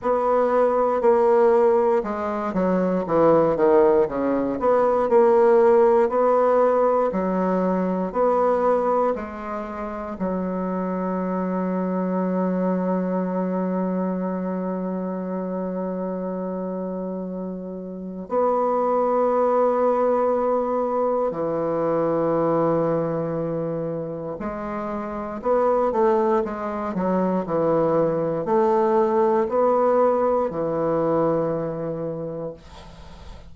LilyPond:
\new Staff \with { instrumentName = "bassoon" } { \time 4/4 \tempo 4 = 59 b4 ais4 gis8 fis8 e8 dis8 | cis8 b8 ais4 b4 fis4 | b4 gis4 fis2~ | fis1~ |
fis2 b2~ | b4 e2. | gis4 b8 a8 gis8 fis8 e4 | a4 b4 e2 | }